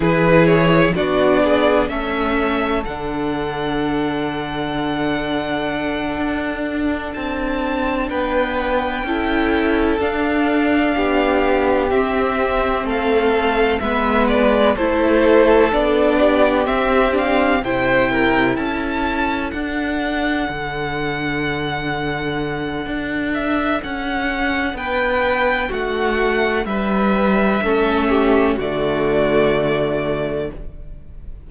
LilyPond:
<<
  \new Staff \with { instrumentName = "violin" } { \time 4/4 \tempo 4 = 63 b'8 cis''8 d''4 e''4 fis''4~ | fis''2.~ fis''8 a''8~ | a''8 g''2 f''4.~ | f''8 e''4 f''4 e''8 d''8 c''8~ |
c''8 d''4 e''8 f''8 g''4 a''8~ | a''8 fis''2.~ fis''8~ | fis''8 e''8 fis''4 g''4 fis''4 | e''2 d''2 | }
  \new Staff \with { instrumentName = "violin" } { \time 4/4 gis'4 fis'8 gis'8 a'2~ | a'1~ | a'8 b'4 a'2 g'8~ | g'4. a'4 b'4 a'8~ |
a'4 g'4. c''8 ais'8 a'8~ | a'1~ | a'2 b'4 fis'4 | b'4 a'8 g'8 fis'2 | }
  \new Staff \with { instrumentName = "viola" } { \time 4/4 e'4 d'4 cis'4 d'4~ | d'1~ | d'4. e'4 d'4.~ | d'8 c'2 b4 e'8~ |
e'8 d'4 c'8 d'8 e'4.~ | e'8 d'2.~ d'8~ | d'1~ | d'4 cis'4 a2 | }
  \new Staff \with { instrumentName = "cello" } { \time 4/4 e4 b4 a4 d4~ | d2~ d8 d'4 c'8~ | c'8 b4 cis'4 d'4 b8~ | b8 c'4 a4 gis4 a8~ |
a8 b4 c'4 c4 cis'8~ | cis'8 d'4 d2~ d8 | d'4 cis'4 b4 a4 | g4 a4 d2 | }
>>